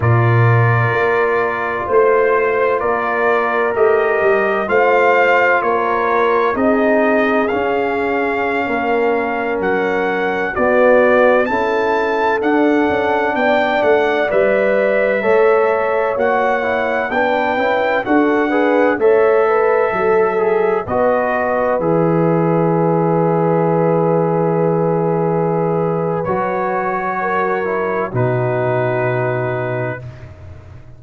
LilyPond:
<<
  \new Staff \with { instrumentName = "trumpet" } { \time 4/4 \tempo 4 = 64 d''2 c''4 d''4 | dis''4 f''4 cis''4 dis''4 | f''2~ f''16 fis''4 d''8.~ | d''16 a''4 fis''4 g''8 fis''8 e''8.~ |
e''4~ e''16 fis''4 g''4 fis''8.~ | fis''16 e''2 dis''4 e''8.~ | e''1 | cis''2 b'2 | }
  \new Staff \with { instrumentName = "horn" } { \time 4/4 ais'2 c''4 ais'4~ | ais'4 c''4 ais'4 gis'4~ | gis'4~ gis'16 ais'2 fis'8.~ | fis'16 a'2 d''4.~ d''16~ |
d''16 cis''2 b'4 a'8 b'16~ | b'16 cis''8 b'8 a'4 b'4.~ b'16~ | b'1~ | b'4 ais'4 fis'2 | }
  \new Staff \with { instrumentName = "trombone" } { \time 4/4 f'1 | g'4 f'2 dis'4 | cis'2.~ cis'16 b8.~ | b16 e'4 d'2 b'8.~ |
b'16 a'4 fis'8 e'8 d'8 e'8 fis'8 gis'16~ | gis'16 a'4. gis'8 fis'4 gis'8.~ | gis'1 | fis'4. e'8 dis'2 | }
  \new Staff \with { instrumentName = "tuba" } { \time 4/4 ais,4 ais4 a4 ais4 | a8 g8 a4 ais4 c'4 | cis'4~ cis'16 ais4 fis4 b8.~ | b16 cis'4 d'8 cis'8 b8 a8 g8.~ |
g16 a4 ais4 b8 cis'8 d'8.~ | d'16 a4 fis4 b4 e8.~ | e1 | fis2 b,2 | }
>>